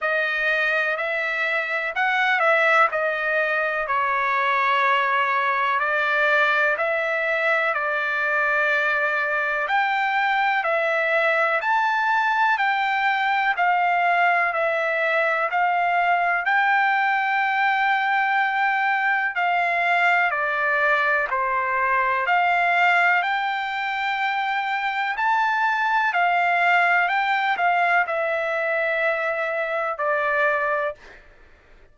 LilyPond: \new Staff \with { instrumentName = "trumpet" } { \time 4/4 \tempo 4 = 62 dis''4 e''4 fis''8 e''8 dis''4 | cis''2 d''4 e''4 | d''2 g''4 e''4 | a''4 g''4 f''4 e''4 |
f''4 g''2. | f''4 d''4 c''4 f''4 | g''2 a''4 f''4 | g''8 f''8 e''2 d''4 | }